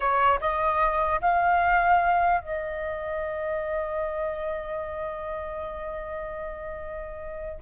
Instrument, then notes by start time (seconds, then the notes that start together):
flute
0.00 C#5
0.40 D#5
1.21 F5
2.41 D#5